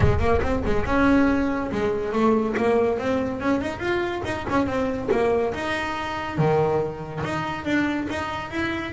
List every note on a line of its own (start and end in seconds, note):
0.00 0.19 G#3
0.19 0.40 A#3
0.41 0.63 C4
0.65 0.85 G#3
0.85 1.70 C#4
1.71 2.12 G#3
2.12 2.55 A3
2.57 2.98 A#3
2.98 3.40 C4
3.40 3.61 C#4
3.61 3.79 D#4
3.79 4.21 F4
4.25 4.46 D#4
4.49 4.66 C#4
4.66 5.09 C4
5.11 5.53 A#3
5.54 6.37 D#4
6.37 7.22 D#3
7.24 7.64 D#4
7.64 8.07 D4
8.09 8.50 D#4
8.50 8.92 E4